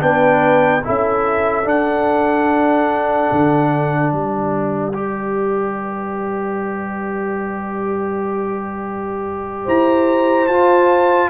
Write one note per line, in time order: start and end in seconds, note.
0.00 0.84 B3
0.00 0.82 D4
0.00 0.85 B4
0.00 0.84 G5
0.84 1.65 C#4
0.84 1.64 E4
0.84 4.14 A4
0.84 1.68 E5
1.64 4.93 D4
1.64 3.30 D4
1.64 4.14 F#5
3.32 4.13 D3
4.13 9.67 G3
4.13 9.65 B4
4.13 9.68 D5
4.94 10.49 G4
9.65 10.49 E4
9.65 11.29 C5
9.65 10.48 A#5
10.48 11.30 F4
10.48 11.30 A5